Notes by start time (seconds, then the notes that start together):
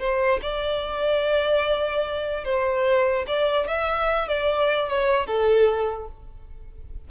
0.00 C5
0.42 D5
2.45 C5
3.27 D5
3.68 E5
4.29 D5
4.89 C#5
5.27 A4